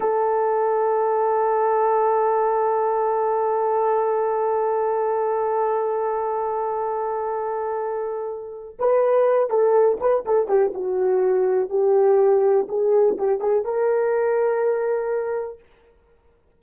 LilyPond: \new Staff \with { instrumentName = "horn" } { \time 4/4 \tempo 4 = 123 a'1~ | a'1~ | a'1~ | a'1~ |
a'2 b'4. a'8~ | a'8 b'8 a'8 g'8 fis'2 | g'2 gis'4 g'8 gis'8 | ais'1 | }